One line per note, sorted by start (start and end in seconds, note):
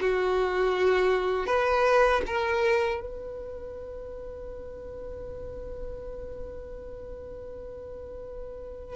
0.00 1.46 F#4
1.46 2.21 B4
2.26 3.00 A#4
3.00 8.96 B4